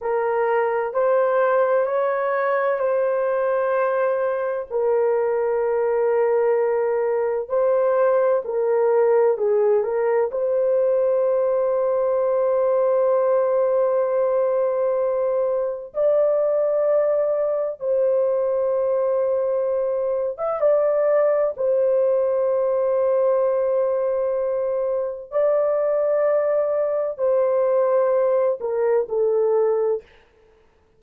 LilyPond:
\new Staff \with { instrumentName = "horn" } { \time 4/4 \tempo 4 = 64 ais'4 c''4 cis''4 c''4~ | c''4 ais'2. | c''4 ais'4 gis'8 ais'8 c''4~ | c''1~ |
c''4 d''2 c''4~ | c''4.~ c''16 e''16 d''4 c''4~ | c''2. d''4~ | d''4 c''4. ais'8 a'4 | }